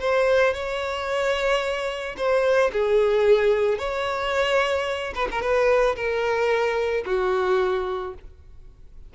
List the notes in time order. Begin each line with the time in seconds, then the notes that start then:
0.00 C5
0.54 C#5
2.17 C5
2.72 G#4
3.79 C#5
5.15 B4
5.31 A#4
5.42 B4
5.96 A#4
7.06 F#4